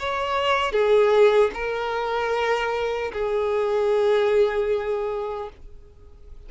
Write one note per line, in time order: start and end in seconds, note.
0.00 0.72 C#5
0.72 1.51 G#4
1.54 3.12 A#4
3.13 5.50 G#4